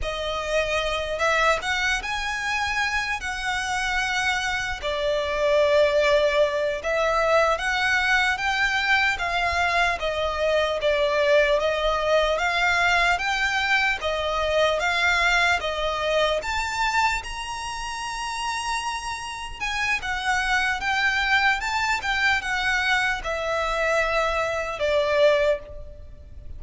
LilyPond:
\new Staff \with { instrumentName = "violin" } { \time 4/4 \tempo 4 = 75 dis''4. e''8 fis''8 gis''4. | fis''2 d''2~ | d''8 e''4 fis''4 g''4 f''8~ | f''8 dis''4 d''4 dis''4 f''8~ |
f''8 g''4 dis''4 f''4 dis''8~ | dis''8 a''4 ais''2~ ais''8~ | ais''8 gis''8 fis''4 g''4 a''8 g''8 | fis''4 e''2 d''4 | }